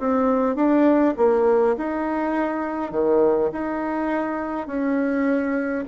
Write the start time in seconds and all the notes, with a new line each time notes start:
0.00 C4
0.56 D4
1.18 A#3
1.78 D#4
2.92 D#3
3.53 D#4
4.67 C#4